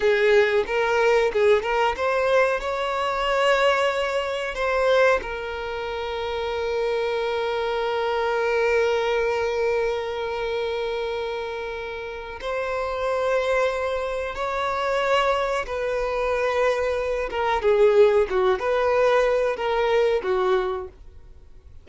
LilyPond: \new Staff \with { instrumentName = "violin" } { \time 4/4 \tempo 4 = 92 gis'4 ais'4 gis'8 ais'8 c''4 | cis''2. c''4 | ais'1~ | ais'1~ |
ais'2. c''4~ | c''2 cis''2 | b'2~ b'8 ais'8 gis'4 | fis'8 b'4. ais'4 fis'4 | }